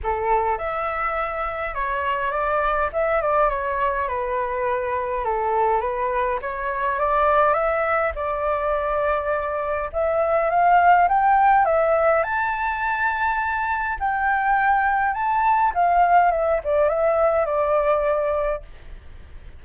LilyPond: \new Staff \with { instrumentName = "flute" } { \time 4/4 \tempo 4 = 103 a'4 e''2 cis''4 | d''4 e''8 d''8 cis''4 b'4~ | b'4 a'4 b'4 cis''4 | d''4 e''4 d''2~ |
d''4 e''4 f''4 g''4 | e''4 a''2. | g''2 a''4 f''4 | e''8 d''8 e''4 d''2 | }